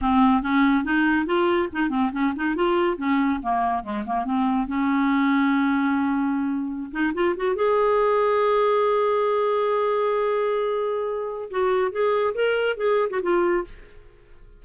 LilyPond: \new Staff \with { instrumentName = "clarinet" } { \time 4/4 \tempo 4 = 141 c'4 cis'4 dis'4 f'4 | dis'8 c'8 cis'8 dis'8 f'4 cis'4 | ais4 gis8 ais8 c'4 cis'4~ | cis'1~ |
cis'16 dis'8 f'8 fis'8 gis'2~ gis'16~ | gis'1~ | gis'2. fis'4 | gis'4 ais'4 gis'8. fis'16 f'4 | }